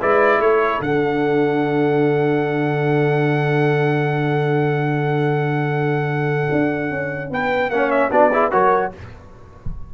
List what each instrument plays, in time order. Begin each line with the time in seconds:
0.00 tuba G#3, trombone E4, horn B4, trumpet D5
0.40 tuba A3, horn A4, trumpet C#5
0.81 tuba D3, trombone D4, trumpet F#5
6.52 tuba D4
6.91 tuba C#4
7.31 tuba B3, horn B4, trumpet G5
7.70 tuba A#3, trombone C#4, horn C#5, trumpet F#5
7.91 trumpet E5
8.11 tuba B3, trombone D4, horn F#4, trumpet D5
8.31 trombone E4, horn G#4
8.52 tuba F#3, trombone F#4, horn A#4, trumpet C#5